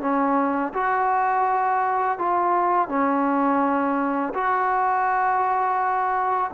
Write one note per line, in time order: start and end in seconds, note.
0.00 0.72 C#4
0.73 2.18 F#4
2.18 2.88 F4
2.88 4.33 C#4
4.33 6.50 F#4